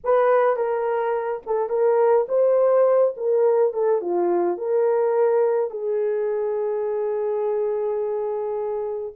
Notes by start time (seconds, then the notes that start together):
0.04 B4
0.56 A#4
1.46 A4
1.69 A#4
2.28 C5
3.17 A#4
3.73 A4
4.01 F4
4.57 A#4
5.70 G#4